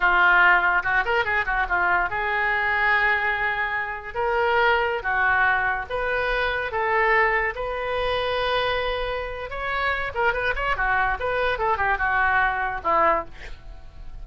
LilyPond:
\new Staff \with { instrumentName = "oboe" } { \time 4/4 \tempo 4 = 145 f'2 fis'8 ais'8 gis'8 fis'8 | f'4 gis'2.~ | gis'2 ais'2~ | ais'16 fis'2 b'4.~ b'16~ |
b'16 a'2 b'4.~ b'16~ | b'2. cis''4~ | cis''8 ais'8 b'8 cis''8 fis'4 b'4 | a'8 g'8 fis'2 e'4 | }